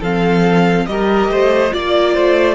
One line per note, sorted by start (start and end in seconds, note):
0.00 0.86 F3
0.00 0.88 C4
0.00 0.86 A4
0.00 0.86 F5
0.86 1.29 G3
0.86 1.70 G4
0.86 1.30 A#4
0.86 1.72 D#5
1.29 1.71 A3
1.29 1.73 C5
1.70 2.16 A#3
1.70 2.55 F4
1.70 2.14 D5
1.70 2.55 D5
2.14 2.55 A3
2.14 2.55 C5